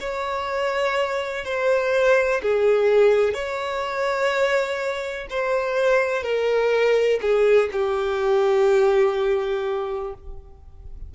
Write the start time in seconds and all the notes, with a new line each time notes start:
0.00 C#5
1.44 C5
2.42 G#4
3.33 C#5
5.30 C5
6.23 A#4
7.21 G#4
7.72 G4